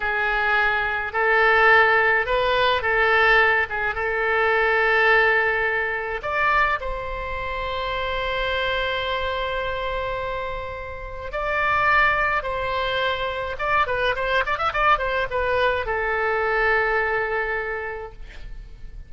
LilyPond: \new Staff \with { instrumentName = "oboe" } { \time 4/4 \tempo 4 = 106 gis'2 a'2 | b'4 a'4. gis'8 a'4~ | a'2. d''4 | c''1~ |
c''1 | d''2 c''2 | d''8 b'8 c''8 d''16 e''16 d''8 c''8 b'4 | a'1 | }